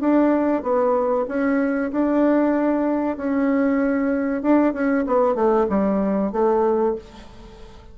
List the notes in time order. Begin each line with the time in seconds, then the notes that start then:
0.00 D4
0.63 B3
1.28 C#4
1.91 D4
3.17 C#4
4.42 D4
4.73 C#4
5.06 B3
5.35 A3
5.69 G3
6.32 A3